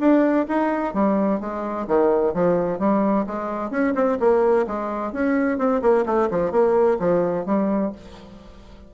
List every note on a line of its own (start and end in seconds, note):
0.00 0.47 D4
0.48 0.94 D#4
0.94 1.41 G3
1.41 1.87 G#3
1.87 2.34 D#3
2.34 2.79 F3
2.79 3.26 G3
3.27 3.71 G#3
3.71 3.94 C#4
3.95 4.18 C4
4.20 4.66 A#3
4.67 5.13 G#3
5.13 5.58 C#4
5.58 5.81 C4
5.82 6.05 A#3
6.06 6.29 A3
6.31 6.52 F3
6.52 6.98 A#3
7.00 7.46 F3
7.46 7.92 G3